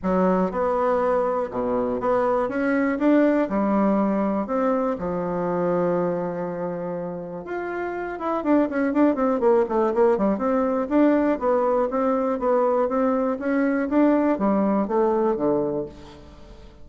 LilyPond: \new Staff \with { instrumentName = "bassoon" } { \time 4/4 \tempo 4 = 121 fis4 b2 b,4 | b4 cis'4 d'4 g4~ | g4 c'4 f2~ | f2. f'4~ |
f'8 e'8 d'8 cis'8 d'8 c'8 ais8 a8 | ais8 g8 c'4 d'4 b4 | c'4 b4 c'4 cis'4 | d'4 g4 a4 d4 | }